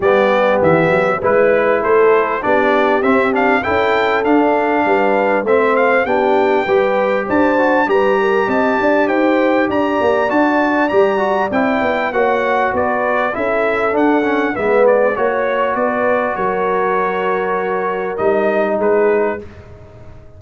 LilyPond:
<<
  \new Staff \with { instrumentName = "trumpet" } { \time 4/4 \tempo 4 = 99 d''4 e''4 b'4 c''4 | d''4 e''8 f''8 g''4 f''4~ | f''4 e''8 f''8 g''2 | a''4 ais''4 a''4 g''4 |
ais''4 a''4 ais''4 g''4 | fis''4 d''4 e''4 fis''4 | e''8 d''8 cis''4 d''4 cis''4~ | cis''2 dis''4 b'4 | }
  \new Staff \with { instrumentName = "horn" } { \time 4/4 g'2 b'4 a'4 | g'2 a'2 | b'4 c''4 g'4 b'4 | c''4 b'8 ais'8 dis''8 d''8 c''4 |
d''1 | cis''4 b'4 a'2 | b'4 cis''4 b'4 ais'4~ | ais'2. gis'4 | }
  \new Staff \with { instrumentName = "trombone" } { \time 4/4 b2 e'2 | d'4 c'8 d'8 e'4 d'4~ | d'4 c'4 d'4 g'4~ | g'8 fis'8 g'2.~ |
g'4 fis'4 g'8 fis'8 e'4 | fis'2 e'4 d'8 cis'8 | b4 fis'2.~ | fis'2 dis'2 | }
  \new Staff \with { instrumentName = "tuba" } { \time 4/4 g4 e8 fis8 gis4 a4 | b4 c'4 cis'4 d'4 | g4 a4 b4 g4 | d'4 g4 c'8 d'8 dis'4 |
d'8 ais8 d'4 g4 c'8 b8 | ais4 b4 cis'4 d'4 | gis4 ais4 b4 fis4~ | fis2 g4 gis4 | }
>>